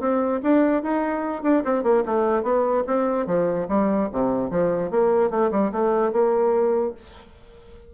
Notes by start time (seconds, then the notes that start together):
0.00 C4
0.43 D4
0.83 D#4
1.43 D4
1.65 C4
1.83 A#3
2.06 A3
2.43 B3
2.87 C4
3.27 F3
3.68 G3
4.13 C3
4.51 F3
4.91 A#3
5.30 A3
5.51 G3
5.72 A3
6.12 A#3